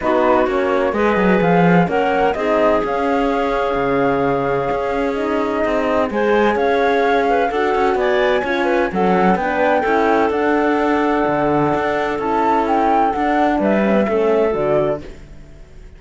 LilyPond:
<<
  \new Staff \with { instrumentName = "flute" } { \time 4/4 \tempo 4 = 128 b'4 cis''4 dis''4 f''4 | fis''4 dis''4 f''2~ | f''2. dis''4~ | dis''4 gis''4 f''2 |
fis''4 gis''2 fis''4 | g''2 fis''2~ | fis''2 a''4 g''4 | fis''4 e''2 d''4 | }
  \new Staff \with { instrumentName = "clarinet" } { \time 4/4 fis'2 b'2 | ais'4 gis'2.~ | gis'1~ | gis'4 c''4 cis''4. b'8 |
a'4 d''4 cis''8 b'8 a'4 | b'4 a'2.~ | a'1~ | a'4 b'4 a'2 | }
  \new Staff \with { instrumentName = "horn" } { \time 4/4 dis'4 cis'4 gis'2 | cis'4 dis'4 cis'2~ | cis'2. dis'4~ | dis'4 gis'2. |
fis'2 f'4 cis'4 | d'4 e'4 d'2~ | d'2 e'2 | d'4. cis'16 b16 cis'4 fis'4 | }
  \new Staff \with { instrumentName = "cello" } { \time 4/4 b4 ais4 gis8 fis8 f4 | ais4 c'4 cis'2 | cis2 cis'2 | c'4 gis4 cis'2 |
d'8 cis'8 b4 cis'4 fis4 | b4 cis'4 d'2 | d4 d'4 cis'2 | d'4 g4 a4 d4 | }
>>